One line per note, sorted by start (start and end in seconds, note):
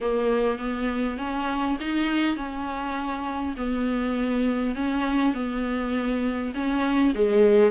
0.00 0.58 A#3
0.58 1.17 B3
1.17 1.77 C#4
1.80 2.36 D#4
2.36 3.55 C#4
3.56 4.75 B3
4.75 5.34 C#4
5.34 6.52 B3
6.54 7.13 C#4
7.14 7.71 G#3